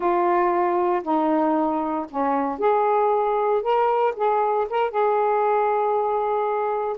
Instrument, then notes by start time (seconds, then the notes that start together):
saxophone
0.00 F4
1.02 D#4
2.10 C#4
2.58 G#4
3.62 A#4
4.16 G#4
4.69 A#4
4.90 G#4